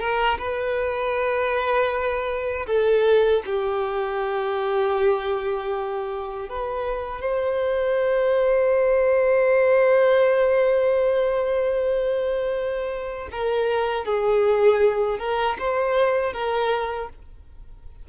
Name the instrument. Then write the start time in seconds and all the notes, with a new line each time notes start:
violin
0.00 A#4
0.38 B4
2.67 A4
3.46 G4
6.49 B4
7.21 C5
13.32 A#4
14.05 G#4
15.19 A#4
15.59 C5
16.33 A#4